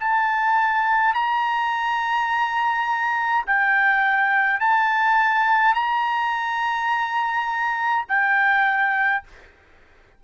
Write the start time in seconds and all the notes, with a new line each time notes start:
0.00 A5
1.14 A#5
3.47 G5
4.60 A5
5.75 A#5
8.09 G5